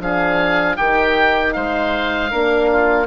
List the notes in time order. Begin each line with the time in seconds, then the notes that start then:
0.00 F3 D4 G#4 F5
0.77 D#3 D#4 G4 G5
1.53 G#3 C5 F5
2.31 A#3 D4 A#4
2.72 F4